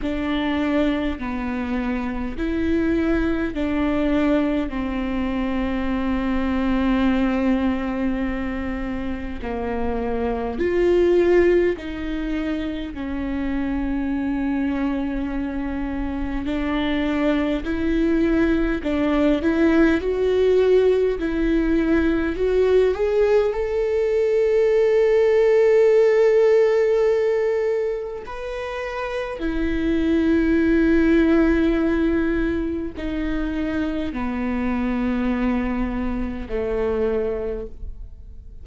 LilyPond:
\new Staff \with { instrumentName = "viola" } { \time 4/4 \tempo 4 = 51 d'4 b4 e'4 d'4 | c'1 | ais4 f'4 dis'4 cis'4~ | cis'2 d'4 e'4 |
d'8 e'8 fis'4 e'4 fis'8 gis'8 | a'1 | b'4 e'2. | dis'4 b2 a4 | }